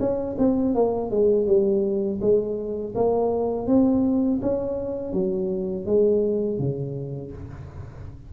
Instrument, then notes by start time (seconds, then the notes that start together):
tuba
0.00 C#4
0.39 C4
0.75 A#3
1.11 G#3
1.47 G3
2.22 G#3
2.96 A#3
3.68 C4
4.42 C#4
5.14 F#3
5.86 G#3
6.59 C#3